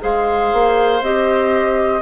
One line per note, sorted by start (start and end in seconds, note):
0.00 0.53 G#3
0.00 1.00 G#4
0.00 2.02 C5
0.00 1.03 F5
0.53 1.01 A#3
1.01 2.01 C4
1.01 2.02 G4
1.01 2.02 D#5